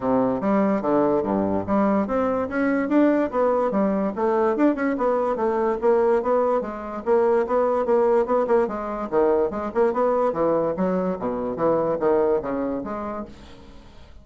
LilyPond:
\new Staff \with { instrumentName = "bassoon" } { \time 4/4 \tempo 4 = 145 c4 g4 d4 g,4 | g4 c'4 cis'4 d'4 | b4 g4 a4 d'8 cis'8 | b4 a4 ais4 b4 |
gis4 ais4 b4 ais4 | b8 ais8 gis4 dis4 gis8 ais8 | b4 e4 fis4 b,4 | e4 dis4 cis4 gis4 | }